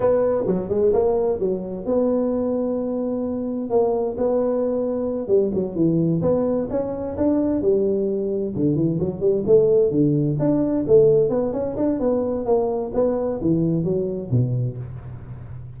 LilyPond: \new Staff \with { instrumentName = "tuba" } { \time 4/4 \tempo 4 = 130 b4 fis8 gis8 ais4 fis4 | b1 | ais4 b2~ b8 g8 | fis8 e4 b4 cis'4 d'8~ |
d'8 g2 d8 e8 fis8 | g8 a4 d4 d'4 a8~ | a8 b8 cis'8 d'8 b4 ais4 | b4 e4 fis4 b,4 | }